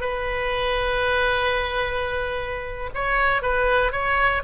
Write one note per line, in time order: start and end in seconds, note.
0.00 2.90 B4
2.94 3.42 C#5
3.42 3.92 B4
3.92 4.42 C#5